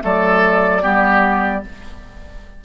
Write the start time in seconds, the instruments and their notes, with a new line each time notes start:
0.00 bassoon F#3, clarinet A3, oboe A4, flute D5
0.81 bassoon G3, clarinet B3, oboe G4